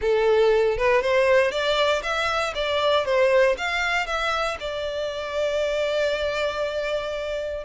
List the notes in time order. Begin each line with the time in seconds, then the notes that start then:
0.01 A4
0.77 B4
1.01 C5
1.51 D5
2.02 E5
2.54 D5
3.05 C5
3.57 F5
4.06 E5
4.60 D5